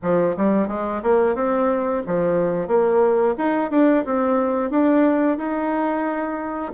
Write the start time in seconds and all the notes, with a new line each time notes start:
0.02 F3
0.36 G3
0.68 G#3
1.03 A#3
1.35 C4
2.06 F3
2.67 A#3
3.37 D#4
3.70 D4
4.05 C4
4.70 D4
5.37 D#4